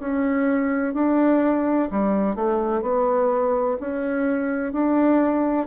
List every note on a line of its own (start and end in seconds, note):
0.00 0.94 C#4
0.94 1.89 D4
1.91 2.35 G3
2.35 2.82 A3
2.82 3.77 B3
3.81 4.73 C#4
4.73 5.67 D4